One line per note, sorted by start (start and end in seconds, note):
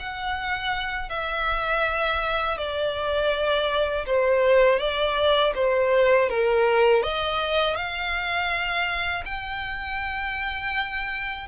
0.00 1.10 F#5
1.10 2.58 E5
2.58 4.06 D5
4.07 4.79 C5
4.79 5.54 D5
5.55 6.29 C5
6.29 7.03 A#4
7.03 7.76 D#5
7.76 9.24 F5
9.26 11.48 G5